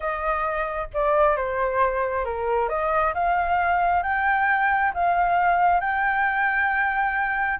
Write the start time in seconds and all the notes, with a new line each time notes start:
0.00 D#5
0.93 D5
1.36 C5
2.24 A#4
2.68 D#5
3.14 F5
4.03 G5
4.94 F5
5.80 G5